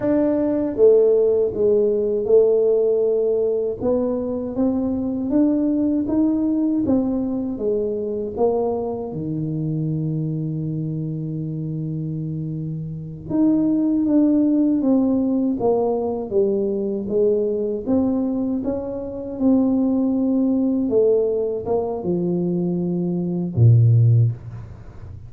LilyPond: \new Staff \with { instrumentName = "tuba" } { \time 4/4 \tempo 4 = 79 d'4 a4 gis4 a4~ | a4 b4 c'4 d'4 | dis'4 c'4 gis4 ais4 | dis1~ |
dis4. dis'4 d'4 c'8~ | c'8 ais4 g4 gis4 c'8~ | c'8 cis'4 c'2 a8~ | a8 ais8 f2 ais,4 | }